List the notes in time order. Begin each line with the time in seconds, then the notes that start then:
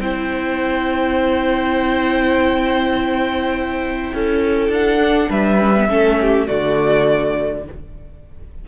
0.00 C4 E4 C5 G5
4.14 C#4 A4
4.69 D4 F#5
5.00 D4
5.31 G3 B4 E5
5.60 C#4
5.77 B3
5.89 A3 C#4 A4
6.21 G4
6.48 D3 A3 F#4 D5